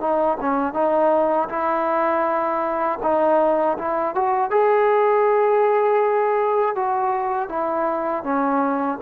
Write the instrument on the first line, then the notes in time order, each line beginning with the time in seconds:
trombone
0.00 D#4
0.40 C#4
0.73 D#4
1.49 E4
3.02 D#4
3.78 E4
4.15 F#4
4.50 G#4
6.75 F#4
7.49 E4
8.23 C#4